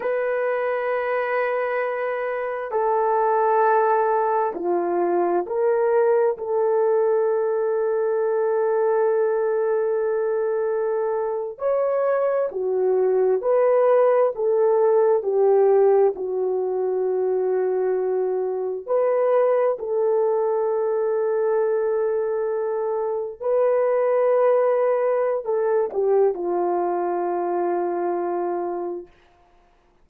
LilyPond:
\new Staff \with { instrumentName = "horn" } { \time 4/4 \tempo 4 = 66 b'2. a'4~ | a'4 f'4 ais'4 a'4~ | a'1~ | a'8. cis''4 fis'4 b'4 a'16~ |
a'8. g'4 fis'2~ fis'16~ | fis'8. b'4 a'2~ a'16~ | a'4.~ a'16 b'2~ b'16 | a'8 g'8 f'2. | }